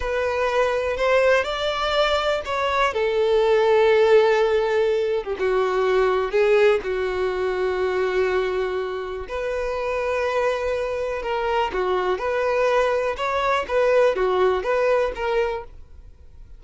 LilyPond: \new Staff \with { instrumentName = "violin" } { \time 4/4 \tempo 4 = 123 b'2 c''4 d''4~ | d''4 cis''4 a'2~ | a'2~ a'8. g'16 fis'4~ | fis'4 gis'4 fis'2~ |
fis'2. b'4~ | b'2. ais'4 | fis'4 b'2 cis''4 | b'4 fis'4 b'4 ais'4 | }